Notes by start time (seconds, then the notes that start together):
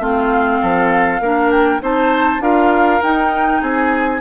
0.00 A3 C4 F4 F5
0.62 F3 A4
1.21 A#3 D4 A#4
1.51 G5
1.81 C4 D#4 C5 A5
2.40 D4 F4 A#4 F5
3.02 D#4 G5
3.62 C4 G#4 G#5